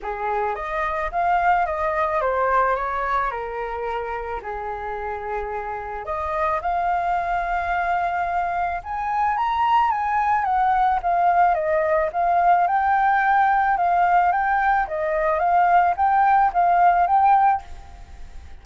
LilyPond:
\new Staff \with { instrumentName = "flute" } { \time 4/4 \tempo 4 = 109 gis'4 dis''4 f''4 dis''4 | c''4 cis''4 ais'2 | gis'2. dis''4 | f''1 |
gis''4 ais''4 gis''4 fis''4 | f''4 dis''4 f''4 g''4~ | g''4 f''4 g''4 dis''4 | f''4 g''4 f''4 g''4 | }